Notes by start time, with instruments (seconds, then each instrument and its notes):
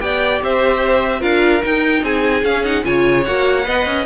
0.00 cello B3, viola G4, violin D5 G5
0.42 cello C4, violin C5 E5
1.20 cello D4, viola F4, violin A#4 F5
1.62 viola D#4, cello D#4, violin G5
2.02 cello C4, violin G#4 G#5
2.43 cello C#4, viola C#4, violin F5
2.64 viola D#4, violin F#5
2.84 cello C#3, viola F4, violin C#5 G#5
3.23 cello A#3, viola F#4, violin F#5
3.64 cello B3, viola B4, violin D#5
3.86 cello C#4